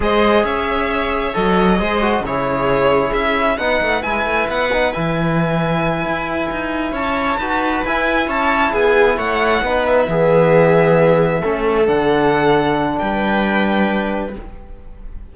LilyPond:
<<
  \new Staff \with { instrumentName = "violin" } { \time 4/4 \tempo 4 = 134 dis''4 e''2 dis''4~ | dis''4 cis''2 e''4 | fis''4 gis''4 fis''4 gis''4~ | gis''2.~ gis''8 a''8~ |
a''4. gis''4 a''4 gis''8~ | gis''8 fis''4. e''2~ | e''2~ e''8 fis''4.~ | fis''4 g''2. | }
  \new Staff \with { instrumentName = "viola" } { \time 4/4 c''4 cis''2. | c''4 gis'2. | b'1~ | b'2.~ b'8 cis''8~ |
cis''8 b'2 cis''4 gis'8~ | gis'8 cis''4 b'4 gis'4.~ | gis'4. a'2~ a'8~ | a'4 b'2. | }
  \new Staff \with { instrumentName = "trombone" } { \time 4/4 gis'2. a'4 | gis'8 fis'8 e'2. | dis'4 e'4. dis'8 e'4~ | e'1~ |
e'8 fis'4 e'2~ e'8~ | e'4. dis'4 b4.~ | b4. cis'4 d'4.~ | d'1 | }
  \new Staff \with { instrumentName = "cello" } { \time 4/4 gis4 cis'2 fis4 | gis4 cis2 cis'4 | b8 a8 gis8 a8 b4 e4~ | e4. e'4 dis'4 cis'8~ |
cis'8 dis'4 e'4 cis'4 b8~ | b8 a4 b4 e4.~ | e4. a4 d4.~ | d4 g2. | }
>>